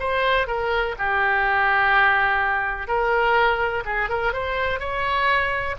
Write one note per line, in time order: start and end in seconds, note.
0.00 0.48 C5
0.48 0.96 A#4
0.99 2.88 G4
2.88 3.84 A#4
3.86 4.10 G#4
4.10 4.33 A#4
4.33 4.80 C5
4.80 5.76 C#5